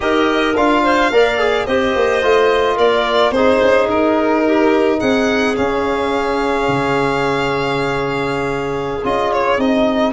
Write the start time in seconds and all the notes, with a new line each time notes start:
0.00 D#4 G4 A#4 D#5
0.55 D4 F4 F5
0.83 C5
1.10 A#3 A#4 D5
1.38 G#4
1.66 C4 G4 C5 D#5
1.95 A#3
2.22 A3 F4
2.75 A#3 A#4 D5
3.30 C4 D#4 G#4 C5
3.61 C#4
3.88 D#4 A#4
4.45 G4
4.98 C4 G#4 F#5
5.54 C#4 F5
6.68 C#3
9.03 C#4 F4 D#5
9.32 C#5
9.57 C4 D#4 D#5